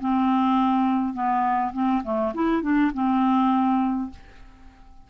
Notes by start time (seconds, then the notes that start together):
0.00 C4
1.14 B3
1.73 C4
2.04 A3
2.34 E4
2.62 D4
2.94 C4